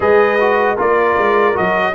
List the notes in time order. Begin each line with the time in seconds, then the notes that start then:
0.00 G#3 G#4 B4 D#5
0.40 F#4
0.75 A#3 F4 A#4 D5
1.17 G#3
1.53 F#3 F#4 D#5